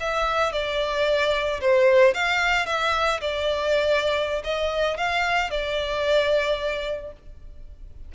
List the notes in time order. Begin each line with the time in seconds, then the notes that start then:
0.00 E5
0.52 D5
1.61 C5
2.14 F5
2.66 E5
3.21 D5
4.44 D#5
4.97 F5
5.50 D5